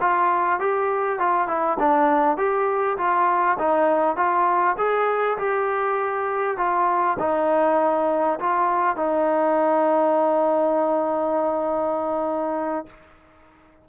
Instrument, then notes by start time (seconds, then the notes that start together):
trombone
0.00 F4
0.59 G4
1.19 F4
1.47 E4
1.79 D4
2.37 G4
2.97 F4
3.58 D#4
4.16 F4
4.77 G#4
5.38 G4
6.57 F4
7.19 D#4
8.39 F4
8.96 D#4